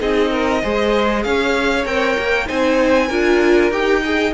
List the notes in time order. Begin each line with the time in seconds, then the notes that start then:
0.00 C4 D#4 G#4 D#5
0.31 A#4
0.63 G#3 G#4 C5
1.24 C#4 C#5 F5
1.86 C4 A#4 G5
2.18 A#3
2.47 C4 D#4 C5 G#5
3.08 D4 F4 A#4
3.71 D#4 G4 G5
4.03 G#4 D#5